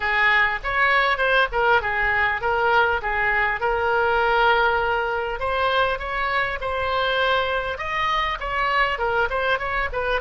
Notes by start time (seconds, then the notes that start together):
0.00 G#4
0.63 C#5
1.17 C5
1.52 A#4
1.81 G#4
2.41 A#4
3.02 G#4
3.60 A#4
5.39 C5
5.98 C#5
6.60 C5
7.78 D#5
8.39 C#5
8.98 A#4
9.30 C5
9.58 C#5
9.92 B4